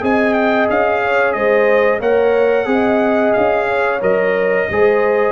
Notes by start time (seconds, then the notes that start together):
0.00 C4 G#4 D#5 G#5
0.33 G5
0.69 C#4 F5
1.04 C#5
1.33 G#3 C5 D#5
1.99 A#3 A#4 C#5 F#5
2.65 C4 G#4
2.72 D#5
3.33 C#4 F5
3.68 C#5
4.01 F#3 A#4 D#5
4.70 G#3 G#4 C5